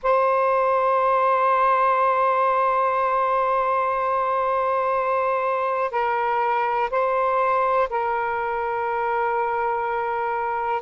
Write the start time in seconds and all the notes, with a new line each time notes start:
0.03 C5
5.91 A#4
6.90 C5
7.90 A#4